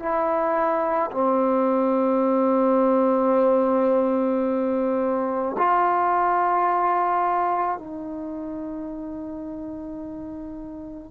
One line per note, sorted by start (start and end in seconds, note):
0.00 1.11 E4
1.12 5.57 C4
5.58 7.79 F4
7.79 11.12 D#4